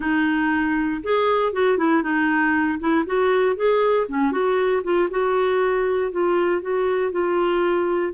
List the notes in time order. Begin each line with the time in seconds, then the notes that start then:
0.00 D#4
1.03 G#4
1.53 F#4
1.77 E4
2.02 D#4
2.79 E4
3.06 F#4
3.55 G#4
4.08 C#4
4.31 F#4
4.83 F4
5.10 F#4
6.11 F4
6.61 F#4
7.11 F4